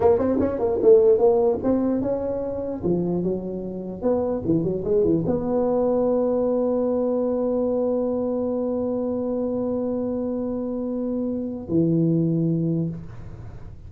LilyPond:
\new Staff \with { instrumentName = "tuba" } { \time 4/4 \tempo 4 = 149 ais8 c'8 cis'8 ais8 a4 ais4 | c'4 cis'2 f4 | fis2 b4 e8 fis8 | gis8 e8 b2.~ |
b1~ | b1~ | b1~ | b4 e2. | }